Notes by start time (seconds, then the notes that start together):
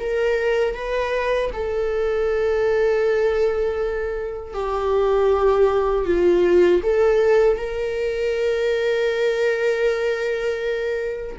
0.00 A#4
0.75 B4
1.53 A4
4.54 G4
6.06 F4
6.83 A4
7.57 A#4